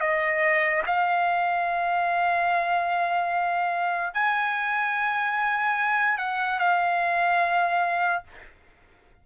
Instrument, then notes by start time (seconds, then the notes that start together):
trumpet
0.00 D#5
0.86 F5
4.14 G#5
6.18 F#5
6.59 F5